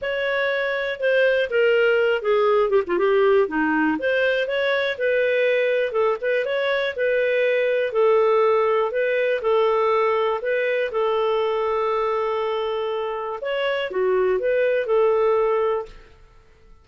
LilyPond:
\new Staff \with { instrumentName = "clarinet" } { \time 4/4 \tempo 4 = 121 cis''2 c''4 ais'4~ | ais'8 gis'4 g'16 f'16 g'4 dis'4 | c''4 cis''4 b'2 | a'8 b'8 cis''4 b'2 |
a'2 b'4 a'4~ | a'4 b'4 a'2~ | a'2. cis''4 | fis'4 b'4 a'2 | }